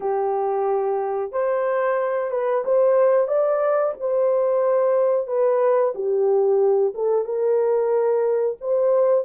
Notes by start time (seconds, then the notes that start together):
0.00 G4
1.32 C5
2.30 B4
2.65 C5
3.27 D5
4.00 C5
5.27 B4
5.94 G4
6.94 A4
7.24 A#4
8.60 C5